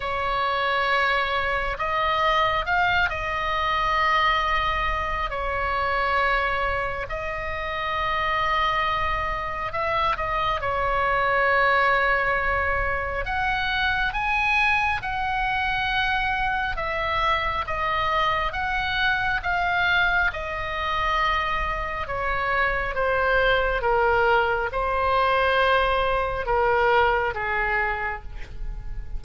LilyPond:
\new Staff \with { instrumentName = "oboe" } { \time 4/4 \tempo 4 = 68 cis''2 dis''4 f''8 dis''8~ | dis''2 cis''2 | dis''2. e''8 dis''8 | cis''2. fis''4 |
gis''4 fis''2 e''4 | dis''4 fis''4 f''4 dis''4~ | dis''4 cis''4 c''4 ais'4 | c''2 ais'4 gis'4 | }